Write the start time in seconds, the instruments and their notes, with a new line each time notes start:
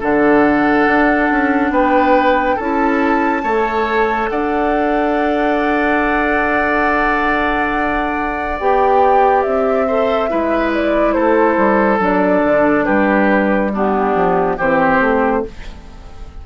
0.00 bassoon D3, clarinet D4, oboe A4, flute F#5
0.87 bassoon D4
1.31 bassoon C#4
1.71 bassoon B3, oboe B4, flute G5
2.56 bassoon C#4, clarinet E4, oboe A4, flute A5
3.42 bassoon A3, clarinet A4, oboe C#5
4.29 bassoon D4, oboe D5, flute F#5
8.59 bassoon B3, clarinet G4, flute G5
9.42 bassoon C4, flute E5
9.87 clarinet A4, oboe C5
10.29 bassoon G#3, clarinet E4, oboe B4
10.74 flute D5
11.12 bassoon A3, oboe A4, flute C5
11.57 bassoon G3
11.99 bassoon F#3, clarinet D4, flute D5
12.45 bassoon D3
12.85 bassoon G3, oboe G4, flute B4
13.73 clarinet B3, oboe D4, flute G4
14.14 bassoon F3
14.57 bassoon E3, clarinet C4, oboe G4, flute C5
15.00 bassoon A3